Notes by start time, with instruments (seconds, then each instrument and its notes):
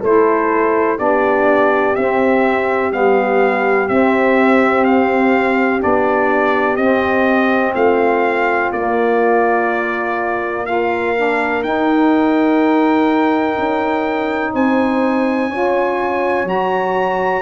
0.00 tuba A3, saxophone E4, horn A4, trumpet C5
0.97 tuba B3, saxophone D4, horn G4, trumpet D5
1.95 tuba C4, saxophone C4, trumpet E5
2.91 tuba G3, saxophone B3, trumpet F5
3.88 tuba C4, saxophone C4, trumpet E5
4.84 trumpet F5
5.79 tuba B3, saxophone D4, trumpet D5
6.76 tuba C4, saxophone C4, trumpet D#5
7.75 tuba A3, horn F4, trumpet F5
8.72 tuba A#3, saxophone A#3, trumpet D5
10.66 saxophone F4, horn A#4, trumpet F5
11.16 saxophone D4
11.63 saxophone D#4, tuba D#4, trumpet G5
13.58 tuba C#4
14.53 tuba C4, horn C5, trumpet G#5
15.48 tuba C#4, saxophone F4, horn C#5
16.44 tuba F#3, saxophone F#4, trumpet A#5